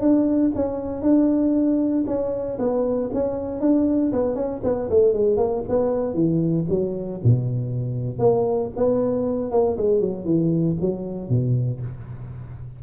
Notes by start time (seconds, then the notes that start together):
0.00 D4
0.55 C#4
1.02 D4
2.06 C#4
2.59 B3
3.13 C#4
3.60 D4
4.12 B3
4.35 C#4
4.63 B3
4.90 A3
5.13 G#3
5.37 A#3
5.69 B3
6.14 E3
6.69 F#3
7.23 B2
8.18 A#3
8.76 B3
9.51 A#3
9.77 G#3
10.00 F#3
10.25 E3
10.81 F#3
11.29 B2